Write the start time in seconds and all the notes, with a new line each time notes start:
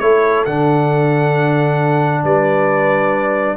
0.00 A3 E4 A4 C#5
0.46 D3 D4 F#5
2.24 G3 B4 D5